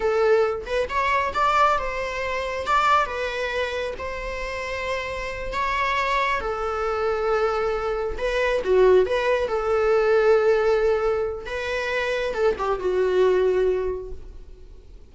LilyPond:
\new Staff \with { instrumentName = "viola" } { \time 4/4 \tempo 4 = 136 a'4. b'8 cis''4 d''4 | c''2 d''4 b'4~ | b'4 c''2.~ | c''8 cis''2 a'4.~ |
a'2~ a'8 b'4 fis'8~ | fis'8 b'4 a'2~ a'8~ | a'2 b'2 | a'8 g'8 fis'2. | }